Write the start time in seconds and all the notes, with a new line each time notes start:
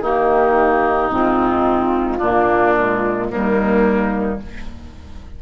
0.00 D#3 A#3 D#4 G4
1.10 G#2 C4 F4
2.18 A#2 A#3 D4
2.77 G#3
3.30 D#2 G3 A#3 D#4